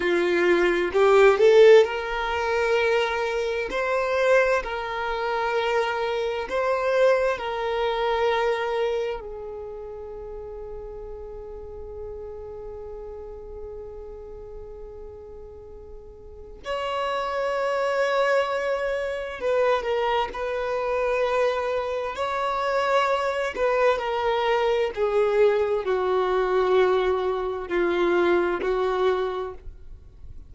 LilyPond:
\new Staff \with { instrumentName = "violin" } { \time 4/4 \tempo 4 = 65 f'4 g'8 a'8 ais'2 | c''4 ais'2 c''4 | ais'2 gis'2~ | gis'1~ |
gis'2 cis''2~ | cis''4 b'8 ais'8 b'2 | cis''4. b'8 ais'4 gis'4 | fis'2 f'4 fis'4 | }